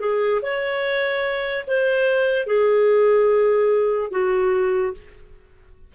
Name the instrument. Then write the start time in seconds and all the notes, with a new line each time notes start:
clarinet
0.00 G#4
0.41 C#5
1.67 C5
2.47 G#4
4.11 F#4